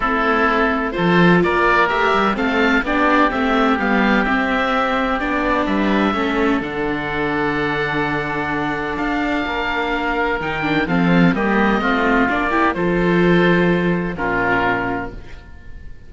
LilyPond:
<<
  \new Staff \with { instrumentName = "oboe" } { \time 4/4 \tempo 4 = 127 a'2 c''4 d''4 | e''4 f''4 d''4 e''4 | f''4 e''2 d''4 | e''2 fis''2~ |
fis''2. f''4~ | f''2 g''4 f''4 | dis''2 d''4 c''4~ | c''2 ais'2 | }
  \new Staff \with { instrumentName = "oboe" } { \time 4/4 e'2 a'4 ais'4~ | ais'4 a'4 g'2~ | g'1 | b'4 a'2.~ |
a'1 | ais'2. a'4 | g'4 f'4. g'8 a'4~ | a'2 f'2 | }
  \new Staff \with { instrumentName = "viola" } { \time 4/4 c'2 f'2 | g'4 c'4 d'4 c'4 | b4 c'2 d'4~ | d'4 cis'4 d'2~ |
d'1~ | d'2 dis'8 d'8 c'4 | ais4 c'4 d'8 e'8 f'4~ | f'2 cis'2 | }
  \new Staff \with { instrumentName = "cello" } { \time 4/4 a2 f4 ais4 | a8 g8 a4 b4 a4 | g4 c'2 b4 | g4 a4 d2~ |
d2. d'4 | ais2 dis4 f4 | g4 a4 ais4 f4~ | f2 ais,2 | }
>>